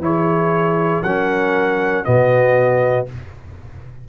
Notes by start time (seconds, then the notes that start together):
0.00 E3 E4 C#5
0.06 G#4
1.03 F#3 C#4 A#4 F#5
2.05 B2 B3 F#4 D#5